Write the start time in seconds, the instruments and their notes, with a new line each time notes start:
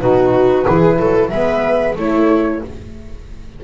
0.00 double bass B2, saxophone D#4, viola F#4, flute B4
0.65 double bass E3, saxophone E4, viola G#4
0.98 double bass F#3, viola A4
1.29 double bass G#3, saxophone B3, viola B4, flute E5
1.96 double bass A3, saxophone A3, viola E4, flute C#5